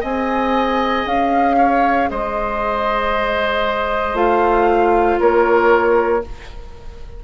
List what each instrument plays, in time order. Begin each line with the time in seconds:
0.00 bassoon C4, clarinet G#4, oboe D#5, flute G#5
1.05 bassoon C#4, flute F5
1.57 oboe C#5
2.10 bassoon G#3, oboe C5, flute D#5
4.13 bassoon A3, clarinet F4, flute F5
5.19 bassoon A#3, oboe A#4, flute C#5